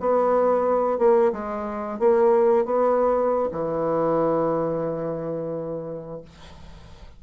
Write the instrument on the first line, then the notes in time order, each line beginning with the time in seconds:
bassoon
0.00 B3
0.98 A#3
1.32 G#3
1.99 A#3
2.65 B3
3.52 E3